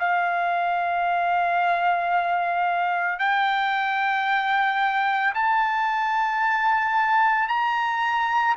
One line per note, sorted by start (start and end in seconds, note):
0.00 3.19 F5
3.19 5.34 G5
5.35 7.49 A5
7.49 8.56 A#5